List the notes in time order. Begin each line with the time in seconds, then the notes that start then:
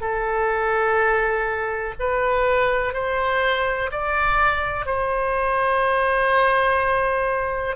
0.00 A4
1.99 B4
2.93 C5
3.91 D5
4.86 C5